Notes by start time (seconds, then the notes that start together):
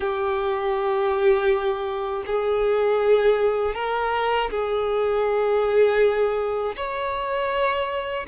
0.00 G4
2.26 G#4
3.75 A#4
4.50 G#4
6.76 C#5